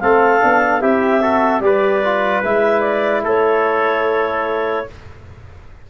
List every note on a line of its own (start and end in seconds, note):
0.00 0.43 A3
0.00 0.40 C4
0.00 0.82 A4
0.00 0.81 F5
0.40 0.82 B3
0.40 0.80 D4
0.80 1.60 C4
0.80 1.21 E4
0.80 1.22 G4
0.80 1.61 E5
1.22 1.61 F#4
1.22 1.63 A4
1.60 2.42 G3
1.60 2.02 G4
1.60 3.24 B4
1.60 2.42 D5
2.04 2.45 F4
2.44 3.25 G#3
2.44 4.88 E4
2.44 2.81 E5
2.81 3.21 D5
3.24 4.87 A3
3.24 4.86 A4
3.24 4.90 C#5